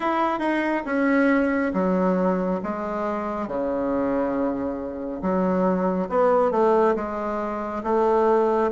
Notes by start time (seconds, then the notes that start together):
0.00 E4
0.39 D#4
0.85 C#4
1.73 F#3
2.63 G#3
3.47 C#3
5.22 F#3
6.09 B3
6.51 A3
6.95 G#3
7.83 A3